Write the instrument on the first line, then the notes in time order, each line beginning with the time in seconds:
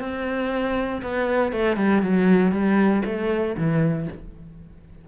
cello
0.00 C4
1.02 B3
1.52 A3
1.77 G3
2.02 F#3
2.52 G3
3.05 A3
3.57 E3